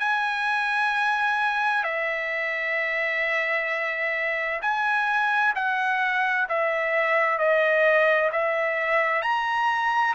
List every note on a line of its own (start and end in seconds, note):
0.00 1.84 G#5
1.84 4.61 E5
4.62 5.54 G#5
5.56 6.48 F#5
6.49 7.38 E5
7.38 8.31 D#5
8.32 9.22 E5
9.22 10.15 A#5